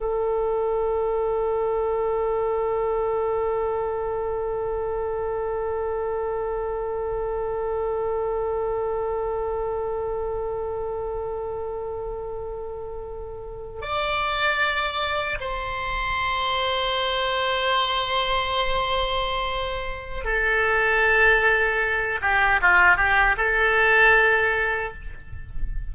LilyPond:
\new Staff \with { instrumentName = "oboe" } { \time 4/4 \tempo 4 = 77 a'1~ | a'1~ | a'1~ | a'1~ |
a'4.~ a'16 d''2 c''16~ | c''1~ | c''2 a'2~ | a'8 g'8 f'8 g'8 a'2 | }